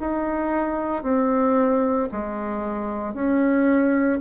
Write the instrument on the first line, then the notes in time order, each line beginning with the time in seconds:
bassoon
0.00 D#4
1.03 C4
2.12 G#3
3.14 C#4